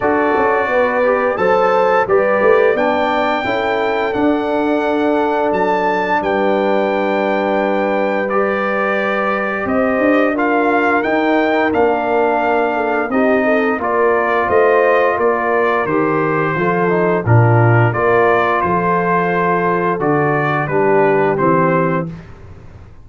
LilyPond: <<
  \new Staff \with { instrumentName = "trumpet" } { \time 4/4 \tempo 4 = 87 d''2 a''4 d''4 | g''2 fis''2 | a''4 g''2. | d''2 dis''4 f''4 |
g''4 f''2 dis''4 | d''4 dis''4 d''4 c''4~ | c''4 ais'4 d''4 c''4~ | c''4 d''4 b'4 c''4 | }
  \new Staff \with { instrumentName = "horn" } { \time 4/4 a'4 b'4 c''4 b'4 | d''4 a'2.~ | a'4 b'2.~ | b'2 c''4 ais'4~ |
ais'2~ ais'8 a'8 g'8 a'8 | ais'4 c''4 ais'2 | a'4 f'4 ais'4 a'4~ | a'2 g'2 | }
  \new Staff \with { instrumentName = "trombone" } { \time 4/4 fis'4. g'8 a'4 g'4 | d'4 e'4 d'2~ | d'1 | g'2. f'4 |
dis'4 d'2 dis'4 | f'2. g'4 | f'8 dis'8 d'4 f'2~ | f'4 fis'4 d'4 c'4 | }
  \new Staff \with { instrumentName = "tuba" } { \time 4/4 d'8 cis'8 b4 fis4 g8 a8 | b4 cis'4 d'2 | fis4 g2.~ | g2 c'8 d'4. |
dis'4 ais2 c'4 | ais4 a4 ais4 dis4 | f4 ais,4 ais4 f4~ | f4 d4 g4 e4 | }
>>